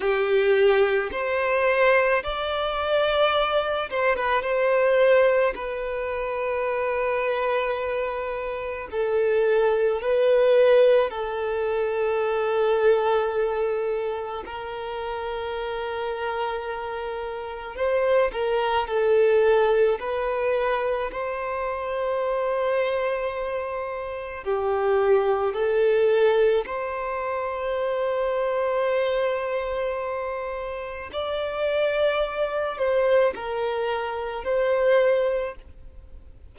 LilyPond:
\new Staff \with { instrumentName = "violin" } { \time 4/4 \tempo 4 = 54 g'4 c''4 d''4. c''16 b'16 | c''4 b'2. | a'4 b'4 a'2~ | a'4 ais'2. |
c''8 ais'8 a'4 b'4 c''4~ | c''2 g'4 a'4 | c''1 | d''4. c''8 ais'4 c''4 | }